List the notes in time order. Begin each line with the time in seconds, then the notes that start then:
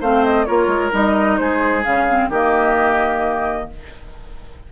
0.00 A3 C4 C5 F5
0.24 D#5
0.45 A#3 F4 A#4 C#5
0.67 G#3
0.91 G3 D#4 D#5
1.37 G#3 G#4 C5
1.84 C#3 C#4 F5
2.08 C4
2.29 D#3 A#3 G4 D#5